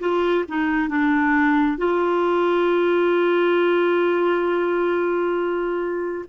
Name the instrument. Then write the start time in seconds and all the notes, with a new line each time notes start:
clarinet
0.00 F4
0.48 D#4
0.89 D4
1.77 F4